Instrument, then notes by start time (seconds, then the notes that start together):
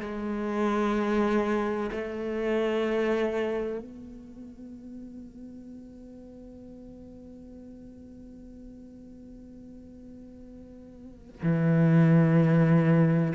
cello
0.00 G#3
1.91 A3
3.79 B3
11.43 E3